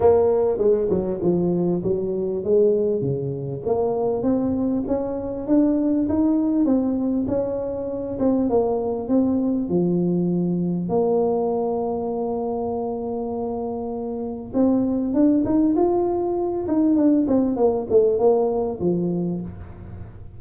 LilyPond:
\new Staff \with { instrumentName = "tuba" } { \time 4/4 \tempo 4 = 99 ais4 gis8 fis8 f4 fis4 | gis4 cis4 ais4 c'4 | cis'4 d'4 dis'4 c'4 | cis'4. c'8 ais4 c'4 |
f2 ais2~ | ais1 | c'4 d'8 dis'8 f'4. dis'8 | d'8 c'8 ais8 a8 ais4 f4 | }